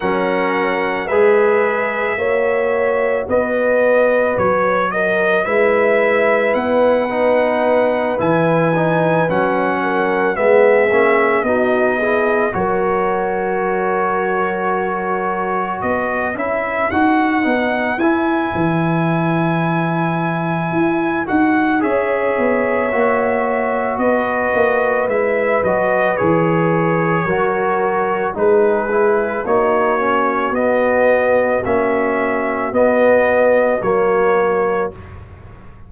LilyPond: <<
  \new Staff \with { instrumentName = "trumpet" } { \time 4/4 \tempo 4 = 55 fis''4 e''2 dis''4 | cis''8 dis''8 e''4 fis''4. gis''8~ | gis''8 fis''4 e''4 dis''4 cis''8~ | cis''2~ cis''8 dis''8 e''8 fis''8~ |
fis''8 gis''2. fis''8 | e''2 dis''4 e''8 dis''8 | cis''2 b'4 cis''4 | dis''4 e''4 dis''4 cis''4 | }
  \new Staff \with { instrumentName = "horn" } { \time 4/4 ais'4 b'4 cis''4 b'4~ | b'8 ais'8 b'2.~ | b'4 ais'8 gis'4 fis'8 gis'8 ais'8~ | ais'2~ ais'8 b'4.~ |
b'1 | cis''2 b'2~ | b'4 ais'4 gis'4 fis'4~ | fis'1 | }
  \new Staff \with { instrumentName = "trombone" } { \time 4/4 cis'4 gis'4 fis'2~ | fis'4 e'4. dis'4 e'8 | dis'8 cis'4 b8 cis'8 dis'8 e'8 fis'8~ | fis'2. e'8 fis'8 |
dis'8 e'2. fis'8 | gis'4 fis'2 e'8 fis'8 | gis'4 fis'4 dis'8 e'8 dis'8 cis'8 | b4 cis'4 b4 ais4 | }
  \new Staff \with { instrumentName = "tuba" } { \time 4/4 fis4 gis4 ais4 b4 | fis4 gis4 b4. e8~ | e8 fis4 gis8 ais8 b4 fis8~ | fis2~ fis8 b8 cis'8 dis'8 |
b8 e'8 e2 e'8 dis'8 | cis'8 b8 ais4 b8 ais8 gis8 fis8 | e4 fis4 gis4 ais4 | b4 ais4 b4 fis4 | }
>>